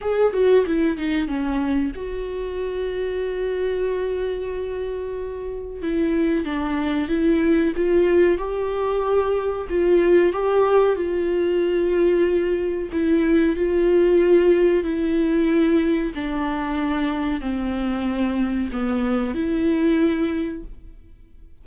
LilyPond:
\new Staff \with { instrumentName = "viola" } { \time 4/4 \tempo 4 = 93 gis'8 fis'8 e'8 dis'8 cis'4 fis'4~ | fis'1~ | fis'4 e'4 d'4 e'4 | f'4 g'2 f'4 |
g'4 f'2. | e'4 f'2 e'4~ | e'4 d'2 c'4~ | c'4 b4 e'2 | }